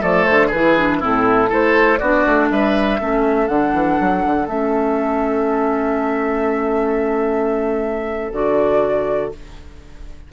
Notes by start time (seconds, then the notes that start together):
0.00 F3 A3 A4 D5
0.24 D3 C5
0.47 G#4 B4
0.54 E3 E4
0.77 D4
1.00 A2 C4 E4 A4
1.48 A3 E4 A4 C5
1.98 B3 D4 F#4 D5
2.26 A3
2.51 G3 B4 E5
2.99 A3 C#4 A4
3.47 D3 D4 F#5
3.73 E3
4.00 F#3
4.26 D3
4.47 A3 C#4 E5
8.32 D3 F#4 D5